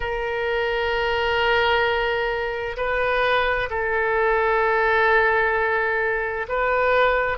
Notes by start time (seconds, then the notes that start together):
0.00 A#4
2.77 B4
3.69 A4
6.48 B4